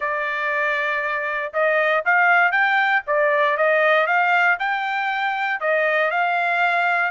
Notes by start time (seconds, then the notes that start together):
0.00 D5
1.53 D#5
2.05 F5
2.51 G5
3.06 D5
3.57 D#5
4.06 F5
4.59 G5
5.60 D#5
6.10 F5